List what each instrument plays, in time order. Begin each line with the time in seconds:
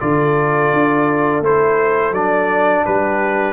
0.00 tuba D3, trombone F4, horn A4, trumpet D5
0.73 tuba D4
1.41 tuba A3, trombone E4, trumpet C5
2.11 tuba F#3, trombone D4, trumpet D5
2.85 tuba G3, horn G4, trumpet B4